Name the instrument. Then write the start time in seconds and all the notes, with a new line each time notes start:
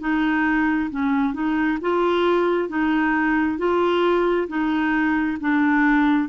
clarinet
0.00 D#4
0.90 C#4
1.34 D#4
1.82 F4
2.69 D#4
3.58 F4
4.48 D#4
5.40 D4